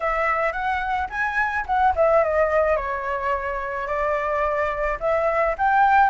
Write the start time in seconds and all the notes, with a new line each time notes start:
0.00 E5
0.52 F#5
1.09 G#5
1.66 F#5
1.95 E5
2.23 D#5
2.76 C#5
3.87 D5
5.00 E5
5.58 G5